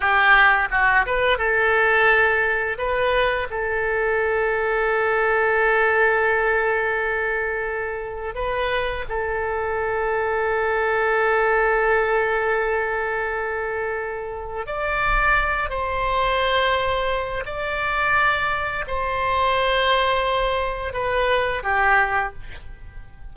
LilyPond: \new Staff \with { instrumentName = "oboe" } { \time 4/4 \tempo 4 = 86 g'4 fis'8 b'8 a'2 | b'4 a'2.~ | a'1 | b'4 a'2.~ |
a'1~ | a'4 d''4. c''4.~ | c''4 d''2 c''4~ | c''2 b'4 g'4 | }